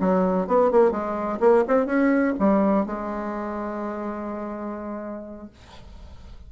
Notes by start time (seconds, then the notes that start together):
0.00 F#3
0.47 B3
0.71 A#3
0.91 G#3
1.40 A#3
1.68 C4
1.86 C#4
2.39 G3
2.86 G#3